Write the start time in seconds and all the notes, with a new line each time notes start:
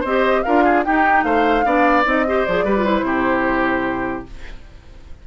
0.00 C4 C5 D#5
0.06 G4
0.42 D4 F4 A#4 F5
0.63 G#4
0.84 D#4 G4 G5
1.23 A3 C5 F5
1.65 B3 D4 D5
2.04 C4 D#4 D#5
2.26 G4 C5
2.45 F3 G#4 D5
2.63 G3 G4 B4
2.77 F4
2.84 E4 C5
3.02 C3 G4